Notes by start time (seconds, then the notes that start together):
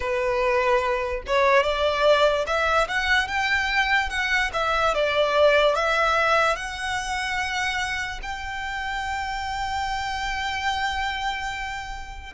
0.00 B4
1.26 C#5
1.63 D5
2.46 E5
2.88 F#5
3.27 G5
4.09 F#5
4.53 E5
4.94 D5
5.75 E5
6.55 F#5
8.22 G5